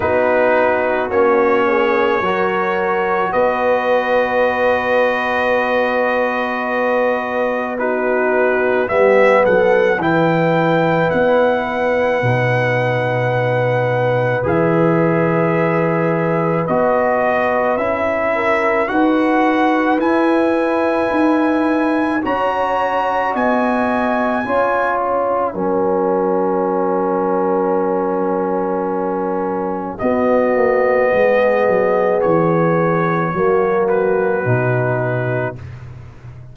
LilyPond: <<
  \new Staff \with { instrumentName = "trumpet" } { \time 4/4 \tempo 4 = 54 b'4 cis''2 dis''4~ | dis''2. b'4 | e''8 fis''8 g''4 fis''2~ | fis''4 e''2 dis''4 |
e''4 fis''4 gis''2 | ais''4 gis''4. fis''4.~ | fis''2. dis''4~ | dis''4 cis''4. b'4. | }
  \new Staff \with { instrumentName = "horn" } { \time 4/4 fis'4. gis'8 ais'4 b'4~ | b'2. fis'4 | g'8 a'8 b'2.~ | b'1~ |
b'8 ais'8 b'2. | cis''4 dis''4 cis''4 ais'4~ | ais'2. fis'4 | gis'2 fis'2 | }
  \new Staff \with { instrumentName = "trombone" } { \time 4/4 dis'4 cis'4 fis'2~ | fis'2. dis'4 | b4 e'2 dis'4~ | dis'4 gis'2 fis'4 |
e'4 fis'4 e'2 | fis'2 f'4 cis'4~ | cis'2. b4~ | b2 ais4 dis'4 | }
  \new Staff \with { instrumentName = "tuba" } { \time 4/4 b4 ais4 fis4 b4~ | b1 | g8 fis8 e4 b4 b,4~ | b,4 e2 b4 |
cis'4 dis'4 e'4 dis'4 | cis'4 b4 cis'4 fis4~ | fis2. b8 ais8 | gis8 fis8 e4 fis4 b,4 | }
>>